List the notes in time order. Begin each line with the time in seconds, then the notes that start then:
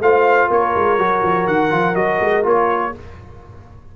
0.00 A3 F4 C5 F5
0.48 A#3 A#4 C#5
0.75 G#3
0.98 F#3 F#4
1.23 F3
1.47 D#3 F#5
1.70 F3 F4
1.95 F#3 F#4 D#5
2.21 G#3
2.43 A#3 F4 C#5